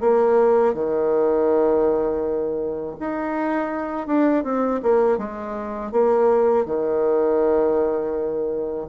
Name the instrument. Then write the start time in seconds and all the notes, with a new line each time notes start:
bassoon
0.00 A#3
0.73 D#3
3.00 D#4
4.07 D4
4.43 C4
4.82 A#3
5.18 G#3
5.92 A#3
6.65 D#3